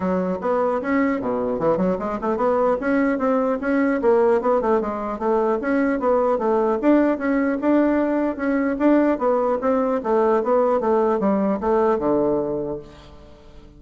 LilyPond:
\new Staff \with { instrumentName = "bassoon" } { \time 4/4 \tempo 4 = 150 fis4 b4 cis'4 b,4 | e8 fis8 gis8 a8 b4 cis'4 | c'4 cis'4 ais4 b8 a8 | gis4 a4 cis'4 b4 |
a4 d'4 cis'4 d'4~ | d'4 cis'4 d'4 b4 | c'4 a4 b4 a4 | g4 a4 d2 | }